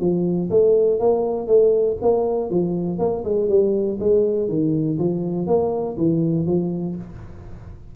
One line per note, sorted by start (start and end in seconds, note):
0.00 0.50 F3
0.50 1.00 A3
1.00 1.47 A#3
1.47 1.97 A3
2.02 2.50 A#3
2.50 2.99 F3
2.99 3.24 A#3
3.25 3.49 G#3
3.49 3.99 G3
4.00 4.49 G#3
4.49 4.98 D#3
4.99 5.47 F3
5.47 5.96 A#3
5.98 6.46 E3
6.46 6.96 F3